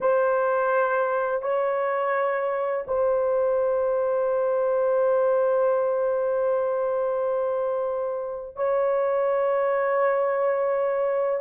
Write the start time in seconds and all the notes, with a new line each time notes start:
0.00 C5
1.42 C#5
2.87 C5
8.56 C#5